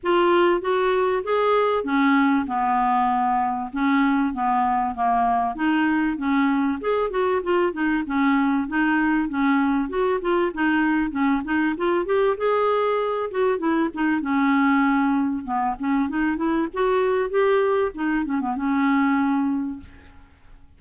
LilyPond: \new Staff \with { instrumentName = "clarinet" } { \time 4/4 \tempo 4 = 97 f'4 fis'4 gis'4 cis'4 | b2 cis'4 b4 | ais4 dis'4 cis'4 gis'8 fis'8 | f'8 dis'8 cis'4 dis'4 cis'4 |
fis'8 f'8 dis'4 cis'8 dis'8 f'8 g'8 | gis'4. fis'8 e'8 dis'8 cis'4~ | cis'4 b8 cis'8 dis'8 e'8 fis'4 | g'4 dis'8 cis'16 b16 cis'2 | }